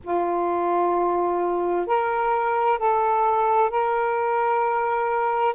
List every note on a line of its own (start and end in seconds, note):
0.03 1.87 F4
1.87 2.79 A#4
2.79 3.70 A4
3.70 5.54 A#4